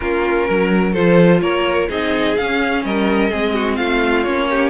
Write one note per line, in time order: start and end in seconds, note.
0.00 0.48 A#3
0.00 0.95 C#4
0.00 0.48 F4
0.00 0.92 A#4
0.48 0.96 F#3
0.48 0.92 A#4
0.92 1.41 F3
0.92 1.88 F4
0.92 1.40 A4
0.92 1.40 C5
1.41 1.89 A#3
1.41 1.88 A#4
1.41 1.88 C#5
1.88 2.37 C4
1.88 2.36 D#4
1.88 2.83 G#4
1.88 2.36 D#5
2.36 3.31 C#4
2.36 2.84 C#4
2.36 2.84 F5
2.84 3.31 G3
2.84 3.30 A#4
2.84 3.76 D#5
3.30 3.79 G#3
3.30 4.25 C4
3.30 3.54 G#4
3.54 3.76 F#4
3.76 4.26 A3
3.76 4.47 F4
3.76 4.23 F5
4.23 4.70 A#3
4.23 4.70 C#4
4.23 4.70 C#5
4.50 4.70 G4